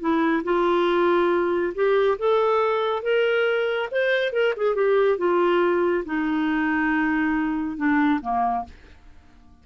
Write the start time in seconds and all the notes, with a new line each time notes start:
0.00 E4
0.44 F4
1.74 G4
2.18 A4
3.03 A#4
3.91 C5
4.32 A#4
4.57 G#4
4.75 G4
5.18 F4
6.05 D#4
7.77 D4
8.21 A#3